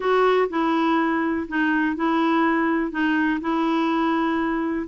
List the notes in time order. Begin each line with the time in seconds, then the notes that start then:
0.00 F#4
0.49 E4
1.48 D#4
1.96 E4
2.91 D#4
3.40 E4